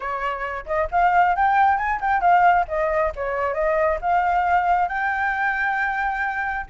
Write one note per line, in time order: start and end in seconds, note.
0.00 0.65 C#5
0.66 0.88 D#5
0.91 1.35 F5
1.35 1.77 G5
1.77 2.00 G#5
2.00 2.20 G5
2.20 2.65 F5
2.67 3.12 D#5
3.15 3.54 C#5
3.54 3.98 D#5
4.01 4.88 F5
4.88 6.66 G5